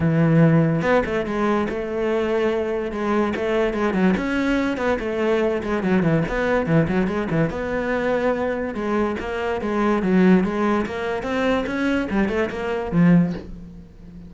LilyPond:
\new Staff \with { instrumentName = "cello" } { \time 4/4 \tempo 4 = 144 e2 b8 a8 gis4 | a2. gis4 | a4 gis8 fis8 cis'4. b8 | a4. gis8 fis8 e8 b4 |
e8 fis8 gis8 e8 b2~ | b4 gis4 ais4 gis4 | fis4 gis4 ais4 c'4 | cis'4 g8 a8 ais4 f4 | }